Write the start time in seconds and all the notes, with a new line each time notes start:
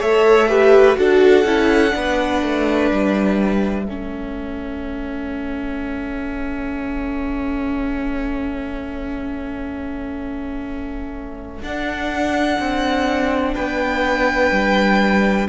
0.00 A3 A4 C#5 E5
0.49 G4 B4
0.96 D4 F#4 A4 F#5
1.45 C#4 E4
1.91 B3 D4 B4
2.43 A3
2.91 G3 E5
3.86 A3 C#4 A4
11.63 D4 F#5
12.60 C4
13.54 B3 B4 G5
14.51 G3